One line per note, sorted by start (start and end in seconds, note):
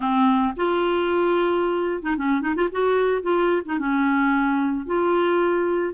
0.00 0.54 C4
0.56 2.02 F4
2.02 2.16 D#4
2.16 2.41 C#4
2.41 2.55 D#4
2.55 2.69 F4
2.71 3.22 F#4
3.22 3.62 F4
3.65 3.78 D#4
3.78 4.86 C#4
4.86 5.93 F4